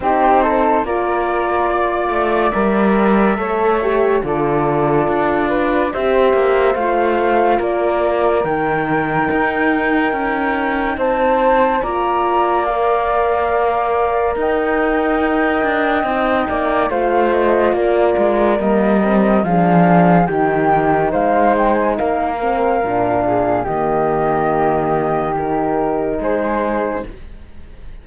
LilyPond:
<<
  \new Staff \with { instrumentName = "flute" } { \time 4/4 \tempo 4 = 71 c''4 d''2 e''4~ | e''4 d''2 e''4 | f''4 d''4 g''2~ | g''4 a''4 ais''4 f''4~ |
f''4 g''2. | f''8 dis''8 d''4 dis''4 f''4 | g''4 f''8 g''16 gis''16 f''2 | dis''2 ais'4 c''4 | }
  \new Staff \with { instrumentName = "flute" } { \time 4/4 g'8 a'8 ais'4 d''2 | cis''4 a'4. b'8 c''4~ | c''4 ais'2.~ | ais'4 c''4 d''2~ |
d''4 dis''2~ dis''8 d''8 | c''4 ais'2 gis'4 | g'4 c''4 ais'4. gis'8 | g'2. gis'4 | }
  \new Staff \with { instrumentName = "horn" } { \time 4/4 dis'4 f'2 ais'4 | a'8 g'8 f'2 g'4 | f'2 dis'2~ | dis'2 f'4 ais'4~ |
ais'2. dis'4 | f'2 ais8 c'8 d'4 | dis'2~ dis'8 c'8 d'4 | ais2 dis'2 | }
  \new Staff \with { instrumentName = "cello" } { \time 4/4 c'4 ais4. a8 g4 | a4 d4 d'4 c'8 ais8 | a4 ais4 dis4 dis'4 | cis'4 c'4 ais2~ |
ais4 dis'4. d'8 c'8 ais8 | a4 ais8 gis8 g4 f4 | dis4 gis4 ais4 ais,4 | dis2. gis4 | }
>>